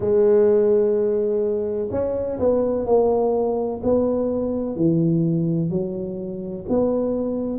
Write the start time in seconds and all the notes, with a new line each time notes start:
0.00 G#3
1.91 C#4
2.39 B3
2.86 A#3
3.83 B3
4.76 E3
5.69 F#3
6.68 B3